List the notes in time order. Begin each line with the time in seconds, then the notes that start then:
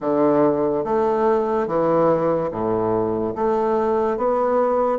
0.00 D3
0.84 A3
1.67 E3
2.51 A2
3.35 A3
4.17 B3